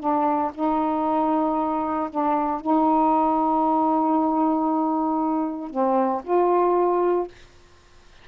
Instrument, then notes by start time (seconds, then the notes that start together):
saxophone
0.00 D4
0.55 D#4
2.10 D4
2.61 D#4
5.71 C4
6.24 F4